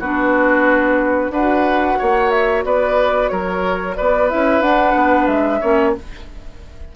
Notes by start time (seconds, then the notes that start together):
0.00 B3 D4 F#4 B4
1.30 D4 F#4 B4 F#5
1.99 A#3 C#5
2.30 E5
2.65 B3 B4 D5
3.29 F#3 A#4 C#5
3.96 B3 B4 D5
4.30 C#4 E4 E5
4.61 D4 F#5
4.96 B3
5.27 G#3 E5
5.61 A#3 C#4 C#5